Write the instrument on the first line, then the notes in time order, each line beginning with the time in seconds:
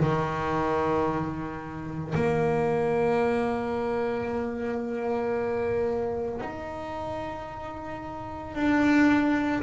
double bass
0.00 D#3
2.15 A#3
6.42 D#4
8.56 D4